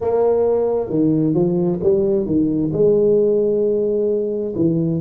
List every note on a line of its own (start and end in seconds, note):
0.00 0.89 A#3
0.89 1.34 D#3
1.34 1.79 F3
1.83 2.26 G3
2.26 2.71 D#3
2.72 4.54 G#3
4.55 5.00 E3